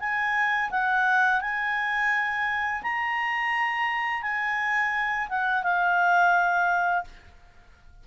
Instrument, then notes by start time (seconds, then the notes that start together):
clarinet
0.00 G#5
0.71 F#5
1.41 G#5
2.83 A#5
4.22 G#5
5.29 F#5
5.63 F5